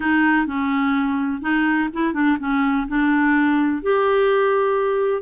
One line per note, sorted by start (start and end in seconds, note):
0.00 0.46 D#4
0.46 1.41 C#4
1.41 1.89 D#4
1.93 2.13 E4
2.13 2.37 D4
2.39 2.87 C#4
2.88 3.82 D4
3.82 5.22 G4